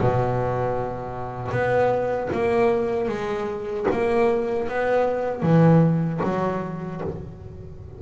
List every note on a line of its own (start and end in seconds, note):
0.00 1.51 B2
1.51 2.29 B3
2.32 3.08 A#3
3.08 3.86 G#3
3.91 4.68 A#3
4.68 5.42 B3
5.42 6.20 E3
6.23 7.01 F#3